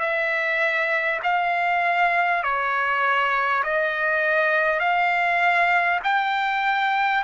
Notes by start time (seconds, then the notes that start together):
0.00 E5
1.23 F5
2.43 C#5
3.63 D#5
4.79 F5
6.03 G5